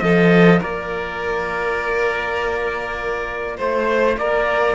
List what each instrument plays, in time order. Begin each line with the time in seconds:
0.00 cello F3 F4, violin A4, trumpet D#5
0.60 cello A#3, violin A#4, trumpet D5
3.57 cello A3, violin C5, trumpet C5
4.17 cello A#3, violin A#4, trumpet D5